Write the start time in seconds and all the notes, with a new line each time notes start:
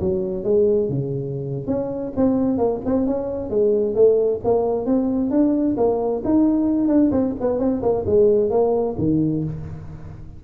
0.00 F#3
0.44 G#3
0.89 C#3
1.67 C#4
2.16 C4
2.57 A#3
2.85 C4
3.06 C#4
3.50 G#3
3.95 A3
4.44 A#3
4.86 C4
5.31 D4
5.77 A#3
6.24 D#4
6.88 D4
7.11 C4
7.40 B3
7.59 C4
7.82 A#3
8.06 G#3
8.50 A#3
8.98 D#3